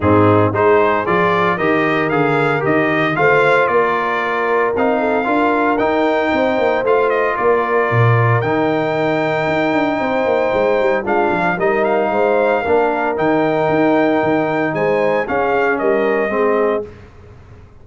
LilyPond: <<
  \new Staff \with { instrumentName = "trumpet" } { \time 4/4 \tempo 4 = 114 gis'4 c''4 d''4 dis''4 | f''4 dis''4 f''4 d''4~ | d''4 f''2 g''4~ | g''4 f''8 dis''8 d''2 |
g''1~ | g''4 f''4 dis''8 f''4.~ | f''4 g''2. | gis''4 f''4 dis''2 | }
  \new Staff \with { instrumentName = "horn" } { \time 4/4 dis'4 gis'2 ais'4~ | ais'2 c''4 ais'4~ | ais'4. a'8 ais'2 | c''2 ais'2~ |
ais'2. c''4~ | c''4 f'4 ais'4 c''4 | ais'1 | c''4 gis'4 ais'4 gis'4 | }
  \new Staff \with { instrumentName = "trombone" } { \time 4/4 c'4 dis'4 f'4 g'4 | gis'4 g'4 f'2~ | f'4 dis'4 f'4 dis'4~ | dis'4 f'2. |
dis'1~ | dis'4 d'4 dis'2 | d'4 dis'2.~ | dis'4 cis'2 c'4 | }
  \new Staff \with { instrumentName = "tuba" } { \time 4/4 gis,4 gis4 f4 dis4 | d4 dis4 a4 ais4~ | ais4 c'4 d'4 dis'4 | c'8 ais8 a4 ais4 ais,4 |
dis2 dis'8 d'8 c'8 ais8 | gis8 g8 gis8 f8 g4 gis4 | ais4 dis4 dis'4 dis4 | gis4 cis'4 g4 gis4 | }
>>